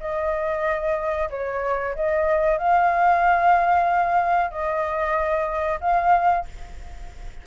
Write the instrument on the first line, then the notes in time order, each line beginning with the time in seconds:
flute
0.00 D#5
1.30 C#5
1.95 D#5
2.58 F5
4.51 D#5
5.80 F5